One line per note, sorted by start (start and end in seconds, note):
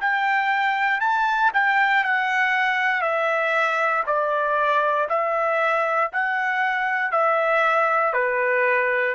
0.00 1.00 G5
1.00 1.51 A5
1.53 2.04 G5
2.04 3.01 F#5
3.01 4.03 E5
4.06 5.08 D5
5.09 6.11 E5
6.12 7.11 F#5
7.11 8.13 E5
8.13 9.14 B4